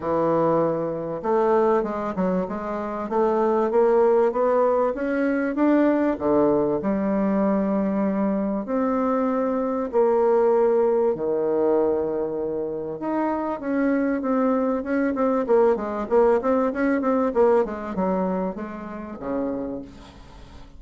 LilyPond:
\new Staff \with { instrumentName = "bassoon" } { \time 4/4 \tempo 4 = 97 e2 a4 gis8 fis8 | gis4 a4 ais4 b4 | cis'4 d'4 d4 g4~ | g2 c'2 |
ais2 dis2~ | dis4 dis'4 cis'4 c'4 | cis'8 c'8 ais8 gis8 ais8 c'8 cis'8 c'8 | ais8 gis8 fis4 gis4 cis4 | }